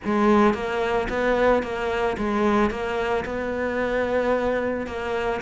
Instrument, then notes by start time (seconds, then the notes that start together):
cello
0.04 G#3
0.54 A#3
1.09 B3
1.62 A#3
2.17 G#3
2.70 A#3
3.25 B3
4.86 A#3